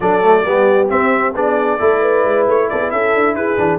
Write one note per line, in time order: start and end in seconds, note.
0.00 0.45 F#3
0.00 0.22 D4
0.00 0.45 A4
0.00 0.88 D5
0.22 0.44 A3
0.44 0.90 G3
0.44 0.88 B3
0.44 1.34 G4
0.88 1.33 C4
0.88 1.34 C4
0.88 1.34 E5
1.34 1.79 B3
1.34 1.78 D4
1.34 1.79 G#4
1.34 2.48 D5
1.78 2.24 A3
1.78 3.57 E4
1.78 2.00 A4
2.00 2.67 B4
2.24 2.47 G#3
2.47 2.69 A3
2.47 2.69 C#5
2.69 2.92 B3
2.69 2.80 A4
2.69 2.90 D5
2.80 2.91 G#4
2.90 3.14 C#4
2.90 3.36 A4
2.90 3.35 E5
3.14 3.34 D4
3.34 3.57 E4
3.34 3.79 G#4
3.34 3.79 B4
3.57 3.79 E3
3.57 3.79 D4